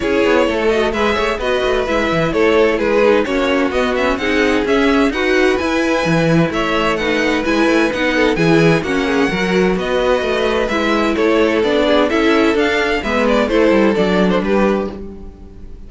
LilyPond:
<<
  \new Staff \with { instrumentName = "violin" } { \time 4/4 \tempo 4 = 129 cis''4. dis''8 e''4 dis''4 | e''4 cis''4 b'4 cis''4 | dis''8 e''8 fis''4 e''4 fis''4 | gis''2 e''4 fis''4 |
gis''4 fis''4 gis''4 fis''4~ | fis''4 dis''2 e''4 | cis''4 d''4 e''4 f''4 | e''8 d''8 c''4 d''8. c''16 b'4 | }
  \new Staff \with { instrumentName = "violin" } { \time 4/4 gis'4 a'4 b'8 cis''8 b'4~ | b'4 a'4 gis'4 fis'4~ | fis'4 gis'2 b'4~ | b'2 cis''4 b'4~ |
b'4. a'8 gis'4 fis'8 gis'8 | ais'4 b'2. | a'4. gis'8 a'2 | b'4 a'2 g'4 | }
  \new Staff \with { instrumentName = "viola" } { \time 4/4 e'4. fis'8 gis'4 fis'4 | e'2~ e'8 dis'8 cis'4 | b8 cis'8 dis'4 cis'4 fis'4 | e'2. dis'4 |
e'4 dis'4 e'4 cis'4 | fis'2. e'4~ | e'4 d'4 e'4 d'4 | b4 e'4 d'2 | }
  \new Staff \with { instrumentName = "cello" } { \time 4/4 cis'8 b8 a4 gis8 a8 b8 a8 | gis8 e8 a4 gis4 ais4 | b4 c'4 cis'4 dis'4 | e'4 e4 a2 |
gis8 a8 b4 e4 ais4 | fis4 b4 a4 gis4 | a4 b4 cis'4 d'4 | gis4 a8 g8 fis4 g4 | }
>>